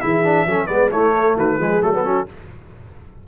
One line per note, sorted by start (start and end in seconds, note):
0.00 0.45 E3
0.00 0.24 E4
0.00 0.47 G#4
0.00 0.66 E5
0.24 0.47 D4
0.45 0.68 F#3
0.45 0.67 C#4
0.45 0.66 A4
0.66 0.91 G#3
0.66 0.90 B3
0.66 0.89 B4
0.66 0.89 D5
0.91 1.36 A3
0.91 1.59 A3
0.91 1.13 E4
0.91 1.36 C#5
1.13 1.36 A4
1.36 1.58 D#3
1.36 1.56 F#4
1.36 1.82 B4
1.56 1.81 F3
1.56 1.81 G#3
1.56 2.02 G#4
1.81 2.26 F#3
1.81 1.93 A3
1.81 2.27 A4
1.93 2.03 B3
2.03 2.26 C#4
2.03 2.27 F#4